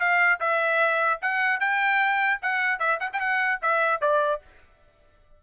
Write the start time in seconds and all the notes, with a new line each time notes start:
0.00 F5
0.40 E5
1.22 F#5
1.60 G5
2.42 F#5
2.80 E5
3.01 F#5
3.13 G5
3.21 F#5
3.63 E5
4.02 D5